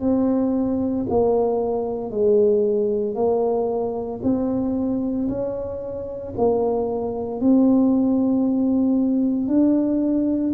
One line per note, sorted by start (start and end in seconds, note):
0.00 1.05 C4
1.09 2.11 A#3
2.11 3.15 G#3
3.15 4.20 A#3
4.23 5.28 C4
5.28 6.33 C#4
6.37 7.41 A#3
7.41 9.47 C4
9.47 10.53 D4